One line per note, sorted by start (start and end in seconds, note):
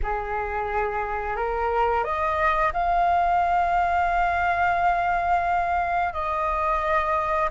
0.02 1.36 G#4
1.36 2.04 A#4
2.04 2.72 D#5
2.73 6.13 F5
6.13 7.49 D#5